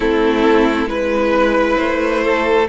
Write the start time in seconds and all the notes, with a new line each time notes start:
0.00 A3 C4 E4 A4
0.86 G#3 E4 B4
1.77 A3 C5
2.24 A4